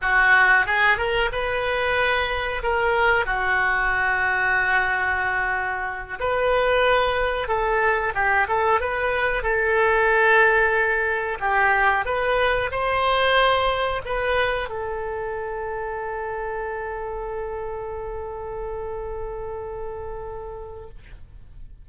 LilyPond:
\new Staff \with { instrumentName = "oboe" } { \time 4/4 \tempo 4 = 92 fis'4 gis'8 ais'8 b'2 | ais'4 fis'2.~ | fis'4. b'2 a'8~ | a'8 g'8 a'8 b'4 a'4.~ |
a'4. g'4 b'4 c''8~ | c''4. b'4 a'4.~ | a'1~ | a'1 | }